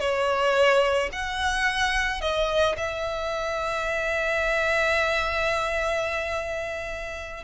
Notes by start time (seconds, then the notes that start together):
0.00 C#5
1.12 F#5
2.21 D#5
2.77 E5